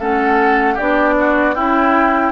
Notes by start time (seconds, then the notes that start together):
0.00 A3 C#4 A4 F#5
0.75 B3 D4 G4 D5
1.19 F#4
1.55 C#4 E4 G5